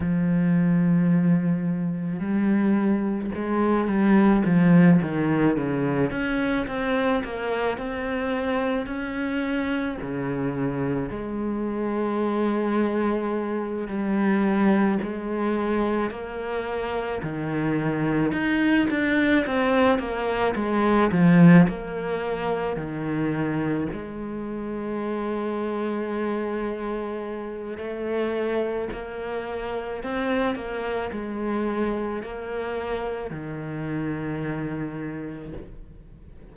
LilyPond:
\new Staff \with { instrumentName = "cello" } { \time 4/4 \tempo 4 = 54 f2 g4 gis8 g8 | f8 dis8 cis8 cis'8 c'8 ais8 c'4 | cis'4 cis4 gis2~ | gis8 g4 gis4 ais4 dis8~ |
dis8 dis'8 d'8 c'8 ais8 gis8 f8 ais8~ | ais8 dis4 gis2~ gis8~ | gis4 a4 ais4 c'8 ais8 | gis4 ais4 dis2 | }